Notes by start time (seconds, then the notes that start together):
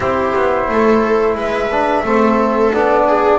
0.00 C4 E4 G4 C5
0.35 B3
0.68 A3 A4
1.35 G#3 B4 E5
1.71 D4
2.03 A3 C4 A4
2.73 B3 D4 D5
3.07 G#4